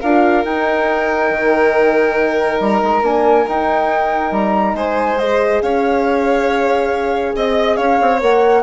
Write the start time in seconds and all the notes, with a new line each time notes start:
0.00 D4 F4 A#4 F5
0.44 D#4 G5
1.30 D#3
2.60 G3 A#5
2.83 G#3
3.02 A#3 D4 G#5
3.45 D#4 G5
4.31 G3 A#5
4.74 G#3 C5 G#5
5.18 G#4 D#5
5.62 C#4 C#5 F5
7.35 C4 D#5
7.76 C#4 C#5 F5
8.01 C4
8.19 A#3 A#4 F#5